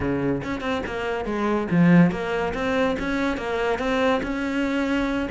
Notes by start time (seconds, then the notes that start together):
0.00 C#3
0.43 C#4
0.60 C4
0.86 A#3
1.25 G#3
1.70 F3
2.11 A#3
2.54 C4
2.99 C#4
3.37 A#3
3.79 C4
4.22 C#4